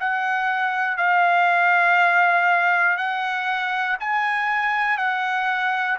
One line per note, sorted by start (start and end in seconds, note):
0.00 0.97 F#5
0.97 2.97 F5
2.97 3.97 F#5
4.00 4.98 G#5
4.98 5.98 F#5